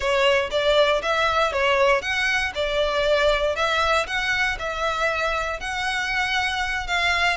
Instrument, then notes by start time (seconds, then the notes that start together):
violin
0.00 C#5
0.50 D5
1.02 E5
1.52 C#5
2.01 F#5
2.54 D5
3.55 E5
4.07 F#5
4.59 E5
5.60 F#5
6.87 F5